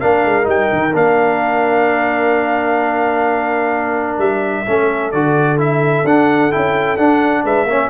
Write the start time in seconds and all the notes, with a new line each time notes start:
0.00 A#3 D4 A#4 F5
0.25 G#3
0.44 G3 D#4 G5
0.73 D#3
0.94 A#3 D4 F5
4.18 G3 E5
4.66 A3 C#4 A4
5.12 D3 F#4 D5
5.58 E4 E5
6.05 D4 F#5
6.51 C#4 E4 G5
6.97 D4 F#5
7.44 G#3 B4 E5
7.65 A#3 C#4 C#5